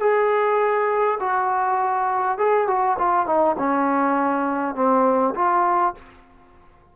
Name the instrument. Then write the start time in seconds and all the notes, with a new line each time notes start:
trombone
0.00 G#4
1.20 F#4
2.38 G#4
2.68 F#4
2.99 F4
3.26 D#4
3.59 C#4
4.75 C4
5.35 F4